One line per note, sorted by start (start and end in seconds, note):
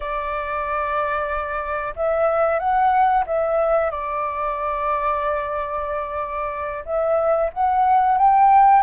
0.00 1.94 D5
1.96 2.59 E5
2.59 3.24 F#5
3.26 3.90 E5
3.90 6.84 D5
6.85 7.50 E5
7.53 8.17 F#5
8.17 8.82 G5